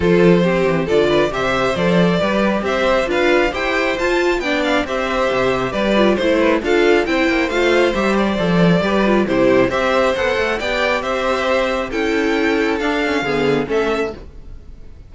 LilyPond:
<<
  \new Staff \with { instrumentName = "violin" } { \time 4/4 \tempo 4 = 136 c''2 d''4 e''4 | d''2 e''4 f''4 | g''4 a''4 g''8 f''8 e''4~ | e''4 d''4 c''4 f''4 |
g''4 f''4 e''8 d''4.~ | d''4 c''4 e''4 fis''4 | g''4 e''2 g''4~ | g''4 f''2 e''4 | }
  \new Staff \with { instrumentName = "violin" } { \time 4/4 a'4 g'4 a'8 b'8 c''4~ | c''4 b'4 c''4 b'4 | c''2 d''4 c''4~ | c''4 b'4 c''8 b'8 a'4 |
c''1 | b'4 g'4 c''2 | d''4 c''2 a'4~ | a'2 gis'4 a'4 | }
  \new Staff \with { instrumentName = "viola" } { \time 4/4 f'4 c'4 f'4 g'4 | a'4 g'2 f'4 | g'4 f'4 d'4 g'4~ | g'4. f'8 e'4 f'4 |
e'4 f'4 g'4 a'4 | g'8 f'8 e'4 g'4 a'4 | g'2. e'4~ | e'4 d'8 cis'8 b4 cis'4 | }
  \new Staff \with { instrumentName = "cello" } { \time 4/4 f4. e8 d4 c4 | f4 g4 c'4 d'4 | e'4 f'4 b4 c'4 | c4 g4 a4 d'4 |
c'8 ais8 a4 g4 f4 | g4 c4 c'4 b8 a8 | b4 c'2 cis'4~ | cis'4 d'4 d4 a4 | }
>>